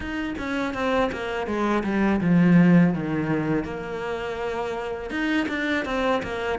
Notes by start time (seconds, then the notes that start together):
0.00 D#4
0.38 C#4
0.74 C4
1.11 A#3
1.46 G#3
1.83 G3
2.20 F3
2.94 D#3
3.64 A#3
5.10 D#4
5.48 D4
5.85 C4
6.22 A#3